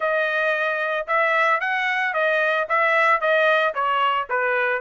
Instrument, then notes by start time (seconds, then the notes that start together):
trumpet
0.00 D#5
1.07 E5
1.60 F#5
2.13 D#5
2.68 E5
3.20 D#5
3.74 C#5
4.29 B4